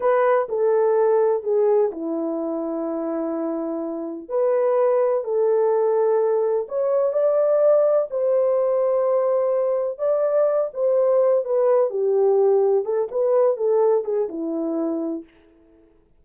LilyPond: \new Staff \with { instrumentName = "horn" } { \time 4/4 \tempo 4 = 126 b'4 a'2 gis'4 | e'1~ | e'4 b'2 a'4~ | a'2 cis''4 d''4~ |
d''4 c''2.~ | c''4 d''4. c''4. | b'4 g'2 a'8 b'8~ | b'8 a'4 gis'8 e'2 | }